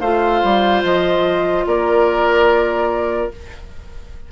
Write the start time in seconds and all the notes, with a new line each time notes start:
0.00 A3 F4 C5 F5
0.44 G3
0.84 F3 D#5
1.66 A#3 A#4 D5